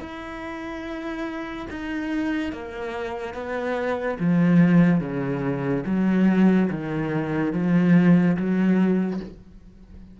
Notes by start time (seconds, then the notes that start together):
0.00 E4
1.70 D#4
2.52 A#3
3.34 B3
4.19 F3
5.00 C#3
5.86 F#3
6.70 D#3
7.53 F3
8.36 F#3